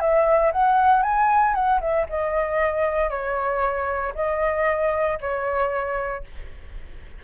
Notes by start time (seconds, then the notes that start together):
0.00 E5
0.52 F#5
1.03 G#5
1.54 F#5
1.81 E5
2.09 D#5
3.10 C#5
4.15 D#5
5.21 C#5